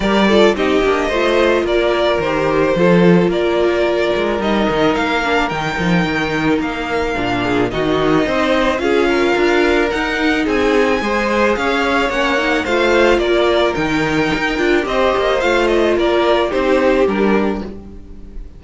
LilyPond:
<<
  \new Staff \with { instrumentName = "violin" } { \time 4/4 \tempo 4 = 109 d''4 dis''2 d''4 | c''2 d''2 | dis''4 f''4 g''2 | f''2 dis''2 |
f''2 fis''4 gis''4~ | gis''4 f''4 fis''4 f''4 | d''4 g''2 dis''4 | f''8 dis''8 d''4 c''4 ais'4 | }
  \new Staff \with { instrumentName = "violin" } { \time 4/4 ais'8 a'8 g'4 c''4 ais'4~ | ais'4 a'4 ais'2~ | ais'1~ | ais'4. gis'8 fis'4 c''4 |
gis'8 ais'2~ ais'8 gis'4 | c''4 cis''2 c''4 | ais'2. c''4~ | c''4 ais'4 g'2 | }
  \new Staff \with { instrumentName = "viola" } { \time 4/4 g'8 f'8 dis'8 d'8 f'2 | g'4 f'2. | dis'4. d'8 dis'2~ | dis'4 d'4 dis'2 |
f'2 dis'2 | gis'2 cis'8 dis'8 f'4~ | f'4 dis'4. f'8 g'4 | f'2 dis'4 d'4 | }
  \new Staff \with { instrumentName = "cello" } { \time 4/4 g4 c'8 ais8 a4 ais4 | dis4 f4 ais4. gis8 | g8 dis8 ais4 dis8 f8 dis4 | ais4 ais,4 dis4 c'4 |
cis'4 d'4 dis'4 c'4 | gis4 cis'4 ais4 a4 | ais4 dis4 dis'8 d'8 c'8 ais8 | a4 ais4 c'4 g4 | }
>>